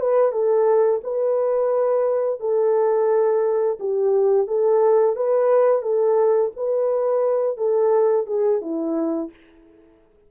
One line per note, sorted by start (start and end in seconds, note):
0.00 0.32 B4
0.32 1.01 A4
1.04 2.40 B4
2.40 3.78 A4
3.80 4.48 G4
4.48 5.16 A4
5.16 5.82 B4
5.82 6.51 A4
6.57 7.57 B4
7.57 8.26 A4
8.27 8.61 G#4
8.61 9.30 E4